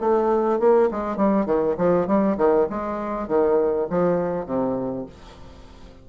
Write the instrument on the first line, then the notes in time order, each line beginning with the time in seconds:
bassoon
0.00 A3
0.59 A#3
0.91 G#3
1.16 G3
1.45 D#3
1.77 F3
2.07 G3
2.37 D#3
2.69 G#3
3.28 D#3
3.89 F3
4.45 C3